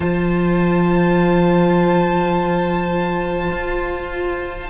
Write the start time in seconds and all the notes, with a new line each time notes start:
0.00 F3 F4 C5 A5
3.51 F4